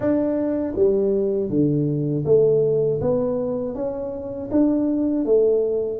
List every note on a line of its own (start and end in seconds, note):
0.00 0.74 D4
0.75 1.49 G3
1.49 2.24 D3
2.25 3.00 A3
3.01 3.74 B3
3.74 4.49 C#4
4.51 5.25 D4
5.25 5.99 A3